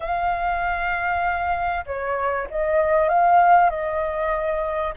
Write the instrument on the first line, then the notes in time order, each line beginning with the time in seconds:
flute
0.00 F5
1.86 C#5
2.50 D#5
3.08 F5
3.70 D#5